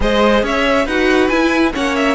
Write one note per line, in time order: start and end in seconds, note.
0.00 0.42 G#3
0.00 0.84 G#4
0.00 0.43 C5
0.00 0.45 D#5
0.42 0.86 C#4
0.42 0.85 C#5
0.42 0.87 E5
0.85 1.29 D#4
0.85 1.31 F#4
0.85 1.72 B4
0.85 1.28 F#5
1.28 1.73 E4
1.28 1.72 E4
1.28 1.72 G#5
1.72 2.15 A#3
1.72 2.15 C#4
1.72 2.15 C#5
1.72 1.95 F#5
1.95 2.15 E5